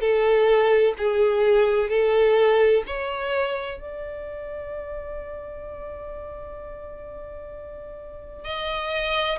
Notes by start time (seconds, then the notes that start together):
0.00 A4
0.98 G#4
1.90 A4
2.87 C#5
3.81 D5
8.45 D#5